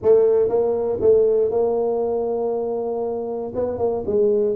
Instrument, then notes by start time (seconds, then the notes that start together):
tuba
0.02 A3
0.49 A#3
1.00 A3
1.51 A#3
3.54 B3
3.78 A#3
4.06 G#3